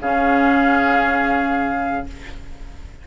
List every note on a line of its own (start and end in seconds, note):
0.00 2.05 C#3
0.00 2.07 C#4
0.00 2.07 G#4
0.00 2.06 F5